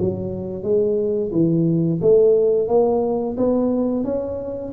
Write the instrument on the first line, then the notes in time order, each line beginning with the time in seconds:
tuba
0.00 F#3
0.63 G#3
1.32 E3
2.02 A3
2.68 A#3
3.37 B3
4.05 C#4